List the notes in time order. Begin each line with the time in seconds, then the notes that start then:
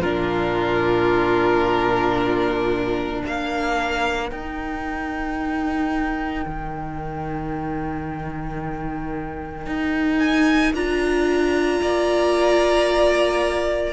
0.00 A#2 D4 F4 A#4
3.21 A#3 A#4 F5
4.28 D#4 G5
6.45 D#3
9.66 D#4
10.19 G#5
10.73 D4 F4 A#5
11.81 A#3 D5